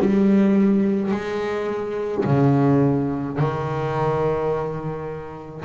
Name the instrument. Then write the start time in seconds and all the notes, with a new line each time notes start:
double bass
0.00 G3
1.11 G#3
2.24 C#3
3.38 D#3